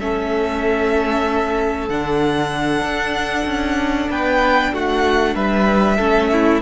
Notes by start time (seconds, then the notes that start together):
0.00 A3 C#4 A4 E5
1.89 D3 D4 F#5
2.82 D4
3.46 C#4
4.10 B3 B4 G5
4.74 A3 F#4 F#5
5.35 G3 B4 E5
5.97 A3 C#4 A4
6.33 E4